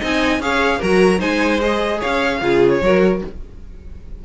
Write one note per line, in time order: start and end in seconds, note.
0.00 0.40 C4
0.00 0.42 D#4
0.00 0.40 D#5
0.00 0.42 G#5
0.40 0.80 C#4
0.40 0.82 G#4
0.40 0.80 C#5
0.40 0.82 F5
0.80 1.21 F#3
0.80 1.19 F#4
0.80 1.19 A#4
0.80 1.21 A#5
1.19 2.01 G#3
1.19 1.59 D#4
1.19 1.99 C5
1.19 1.61 G#5
1.61 2.41 G#4
1.61 2.01 D#5
2.00 2.42 C#4
2.00 2.40 C#5
2.00 2.70 F5
2.42 2.82 C#3
2.42 2.82 F4
2.42 2.83 G#4
2.70 3.20 C#5
2.82 3.22 F#3
2.82 3.26 F#4
2.82 3.25 A#4